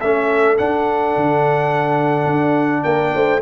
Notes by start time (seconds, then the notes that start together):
0.00 A3 C#4 A4 E5
0.57 D4 F#5
1.16 D3
2.26 D4
2.83 A#3 A#4 G5
3.14 A3 C5